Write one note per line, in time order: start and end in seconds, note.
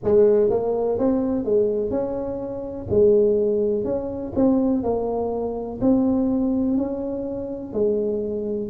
0.03 0.50 G#3
0.50 0.98 A#3
0.98 1.45 C4
1.45 1.90 G#3
1.90 2.87 C#4
2.89 3.84 G#3
3.84 4.32 C#4
4.35 4.83 C4
4.83 5.79 A#3
5.81 6.77 C4
6.77 7.73 C#4
7.73 8.69 G#3